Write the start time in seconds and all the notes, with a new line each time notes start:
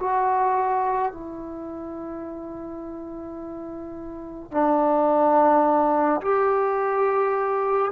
0.00 F#4
1.12 E4
4.51 D4
6.22 G4